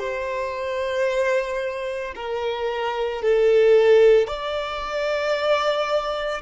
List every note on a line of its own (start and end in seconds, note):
0.00 2.14 C5
2.16 3.23 A#4
3.23 4.28 A4
4.28 6.42 D5